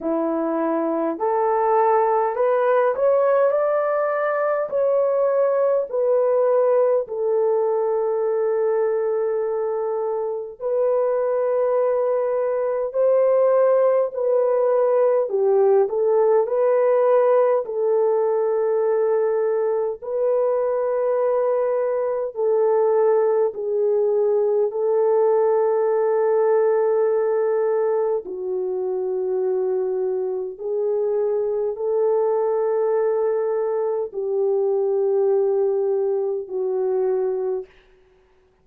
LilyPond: \new Staff \with { instrumentName = "horn" } { \time 4/4 \tempo 4 = 51 e'4 a'4 b'8 cis''8 d''4 | cis''4 b'4 a'2~ | a'4 b'2 c''4 | b'4 g'8 a'8 b'4 a'4~ |
a'4 b'2 a'4 | gis'4 a'2. | fis'2 gis'4 a'4~ | a'4 g'2 fis'4 | }